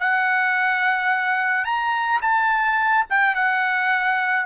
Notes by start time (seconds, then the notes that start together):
0.00 F#5
1.65 A#5
2.21 A5
3.10 G5
3.35 F#5